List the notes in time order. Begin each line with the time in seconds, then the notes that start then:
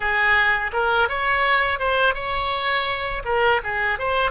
0.00 G#4
0.73 A#4
1.08 C#5
1.79 C5
2.14 C#5
3.25 A#4
3.63 G#4
3.99 C5